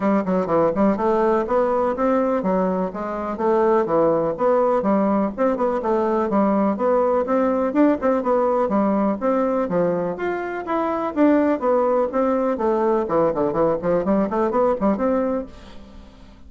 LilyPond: \new Staff \with { instrumentName = "bassoon" } { \time 4/4 \tempo 4 = 124 g8 fis8 e8 g8 a4 b4 | c'4 fis4 gis4 a4 | e4 b4 g4 c'8 b8 | a4 g4 b4 c'4 |
d'8 c'8 b4 g4 c'4 | f4 f'4 e'4 d'4 | b4 c'4 a4 e8 d8 | e8 f8 g8 a8 b8 g8 c'4 | }